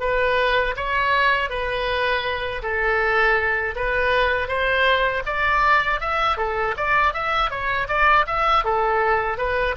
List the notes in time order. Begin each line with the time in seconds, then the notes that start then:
0.00 B4
0.76 C#5
1.50 B4
2.62 A4
3.76 B4
4.48 C5
5.26 D5
6.01 E5
6.37 A4
6.77 D5
7.14 E5
7.50 C#5
7.88 D5
8.27 E5
8.65 A4
9.38 B4